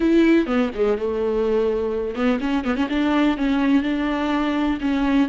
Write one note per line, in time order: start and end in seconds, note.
0.00 0.46 E4
0.46 0.70 B3
0.75 0.98 G#3
0.98 2.15 A3
2.15 2.39 B3
2.40 2.64 C#4
2.64 2.76 B3
2.76 2.88 C#4
2.89 3.37 D4
3.37 3.82 C#4
3.82 4.78 D4
4.80 5.28 C#4